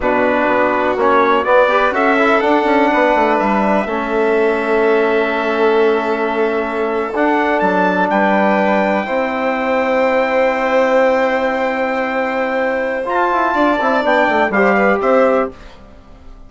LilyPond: <<
  \new Staff \with { instrumentName = "trumpet" } { \time 4/4 \tempo 4 = 124 b'2 cis''4 d''4 | e''4 fis''2 e''4~ | e''1~ | e''2~ e''8. fis''4 a''16~ |
a''8. g''2.~ g''16~ | g''1~ | g''2. a''4~ | a''4 g''4 f''4 e''4 | }
  \new Staff \with { instrumentName = "violin" } { \time 4/4 fis'2.~ fis'8 b'8 | a'2 b'2 | a'1~ | a'1~ |
a'8. b'2 c''4~ c''16~ | c''1~ | c''1 | d''2 c''8 b'8 c''4 | }
  \new Staff \with { instrumentName = "trombone" } { \time 4/4 d'2 cis'4 b8 g'8 | fis'8 e'8 d'2. | cis'1~ | cis'2~ cis'8. d'4~ d'16~ |
d'2~ d'8. e'4~ e'16~ | e'1~ | e'2. f'4~ | f'8 e'8 d'4 g'2 | }
  \new Staff \with { instrumentName = "bassoon" } { \time 4/4 b,4 b4 ais4 b4 | cis'4 d'8 cis'8 b8 a8 g4 | a1~ | a2~ a8. d'4 fis16~ |
fis8. g2 c'4~ c'16~ | c'1~ | c'2. f'8 e'8 | d'8 c'8 b8 a8 g4 c'4 | }
>>